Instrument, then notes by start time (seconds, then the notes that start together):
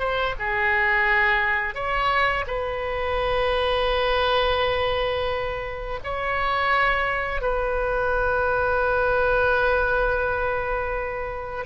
oboe
0.00 C5
0.39 G#4
1.75 C#5
2.47 B4
6.04 C#5
7.42 B4